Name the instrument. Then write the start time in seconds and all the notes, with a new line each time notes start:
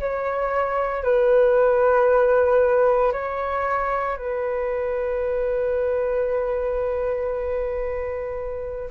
flute
0.00 C#5
1.03 B4
3.13 C#5
4.17 B4